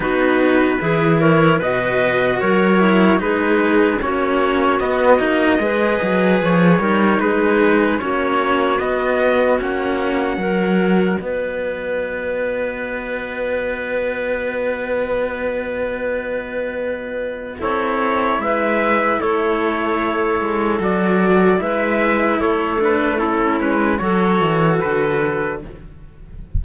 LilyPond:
<<
  \new Staff \with { instrumentName = "trumpet" } { \time 4/4 \tempo 4 = 75 b'4. cis''8 dis''4 cis''4 | b'4 cis''4 dis''2 | cis''4 b'4 cis''4 dis''4 | fis''2 dis''2~ |
dis''1~ | dis''2 cis''4 e''4 | cis''2 d''4 e''4 | cis''8 b'8 a'8 b'8 cis''4 b'4 | }
  \new Staff \with { instrumentName = "clarinet" } { \time 4/4 fis'4 gis'8 ais'8 b'4 ais'4 | gis'4 fis'2 b'4~ | b'8 ais'8 gis'4 fis'2~ | fis'4 ais'4 b'2~ |
b'1~ | b'2 a'4 b'4 | a'2. b'4 | a'4 e'4 a'2 | }
  \new Staff \with { instrumentName = "cello" } { \time 4/4 dis'4 e'4 fis'4. e'8 | dis'4 cis'4 b8 dis'8 gis'4~ | gis'8 dis'4. cis'4 b4 | cis'4 fis'2.~ |
fis'1~ | fis'2 e'2~ | e'2 fis'4 e'4~ | e'8 d'8 cis'4 fis'2 | }
  \new Staff \with { instrumentName = "cello" } { \time 4/4 b4 e4 b,4 fis4 | gis4 ais4 b8 ais8 gis8 fis8 | f8 g8 gis4 ais4 b4 | ais4 fis4 b2~ |
b1~ | b2 c'4 gis4 | a4. gis8 fis4 gis4 | a4. gis8 fis8 e8 d4 | }
>>